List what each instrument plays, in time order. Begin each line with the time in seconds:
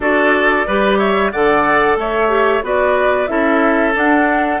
0.00 bassoon D4, clarinet F#4, oboe A4, flute D5
0.66 bassoon G3, clarinet G4, oboe B4
0.98 oboe C#5, flute E5
1.31 bassoon D3, clarinet A4, oboe D5, flute F#5
1.95 bassoon A3, oboe C#5, flute E5
2.28 clarinet G4
2.62 bassoon B3, clarinet F#4, oboe B4, flute D5
3.27 bassoon C#4, clarinet E4, oboe A4, flute E5
3.94 clarinet D4, bassoon D4, flute F#5